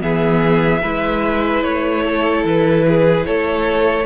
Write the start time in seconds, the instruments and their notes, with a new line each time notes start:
0.00 cello E3, viola B3, violin G#4 E5
0.82 cello G#3, viola E4, violin B4
1.63 cello A3, violin C#5
2.05 violin A4
2.44 cello E3, violin B4
2.87 violin G#4
3.26 cello A3, violin A4 C#5